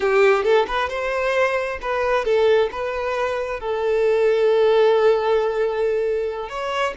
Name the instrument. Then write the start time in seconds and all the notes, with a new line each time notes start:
violin
0.00 G4
0.43 A4
0.67 B4
0.89 C5
1.81 B4
2.24 A4
2.71 B4
3.60 A4
6.49 C#5